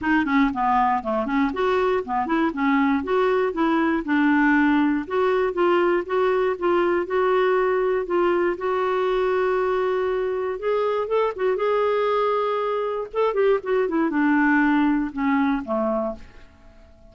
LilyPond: \new Staff \with { instrumentName = "clarinet" } { \time 4/4 \tempo 4 = 119 dis'8 cis'8 b4 a8 cis'8 fis'4 | b8 e'8 cis'4 fis'4 e'4 | d'2 fis'4 f'4 | fis'4 f'4 fis'2 |
f'4 fis'2.~ | fis'4 gis'4 a'8 fis'8 gis'4~ | gis'2 a'8 g'8 fis'8 e'8 | d'2 cis'4 a4 | }